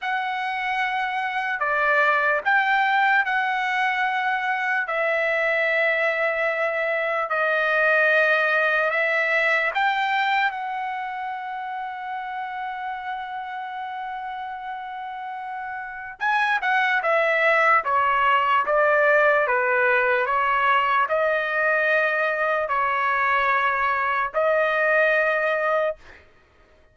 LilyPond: \new Staff \with { instrumentName = "trumpet" } { \time 4/4 \tempo 4 = 74 fis''2 d''4 g''4 | fis''2 e''2~ | e''4 dis''2 e''4 | g''4 fis''2.~ |
fis''1 | gis''8 fis''8 e''4 cis''4 d''4 | b'4 cis''4 dis''2 | cis''2 dis''2 | }